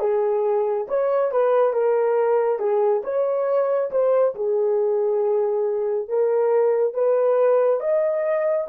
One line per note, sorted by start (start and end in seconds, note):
0.00 0.87 G#4
0.89 1.32 C#5
1.32 1.74 B4
1.74 2.59 A#4
2.59 3.03 G#4
3.04 3.91 C#5
3.91 4.35 C5
4.35 6.09 G#4
6.09 6.94 A#4
6.94 7.81 B4
7.81 8.68 D#5